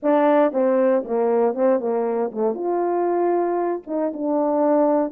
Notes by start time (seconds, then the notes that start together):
0.02 D4
0.52 C4
1.04 A#3
1.54 C4
1.79 A#3
2.31 A3
2.54 F4
3.86 D#4
4.13 D4